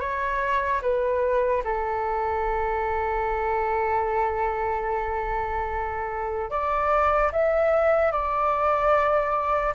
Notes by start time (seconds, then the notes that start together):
0.00 C#5
0.82 B4
1.64 A4
6.50 D5
7.32 E5
8.12 D5